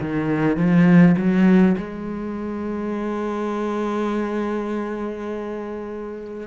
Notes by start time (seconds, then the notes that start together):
0.00 D#3
0.57 F3
1.17 F#3
1.77 G#3